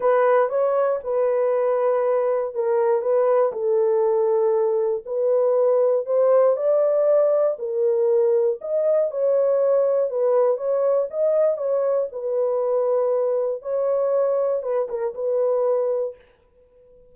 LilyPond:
\new Staff \with { instrumentName = "horn" } { \time 4/4 \tempo 4 = 119 b'4 cis''4 b'2~ | b'4 ais'4 b'4 a'4~ | a'2 b'2 | c''4 d''2 ais'4~ |
ais'4 dis''4 cis''2 | b'4 cis''4 dis''4 cis''4 | b'2. cis''4~ | cis''4 b'8 ais'8 b'2 | }